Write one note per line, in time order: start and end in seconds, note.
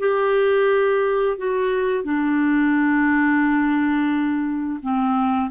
0.00 1.38 G4
1.38 2.04 F#4
2.04 4.80 D4
4.83 5.51 C4